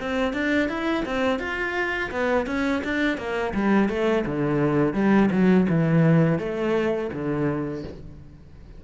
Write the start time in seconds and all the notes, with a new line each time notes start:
0.00 C4
0.33 D4
0.69 E4
1.05 C4
1.39 F4
2.11 B3
2.46 C#4
2.84 D4
3.18 A#3
3.54 G3
3.89 A3
4.26 D3
4.94 G3
5.31 F#3
5.69 E3
6.39 A3
7.13 D3